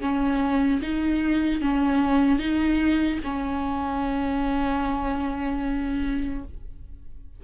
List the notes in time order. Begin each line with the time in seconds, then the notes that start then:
0.00 C#4
0.81 D#4
1.61 C#4
2.39 D#4
3.23 C#4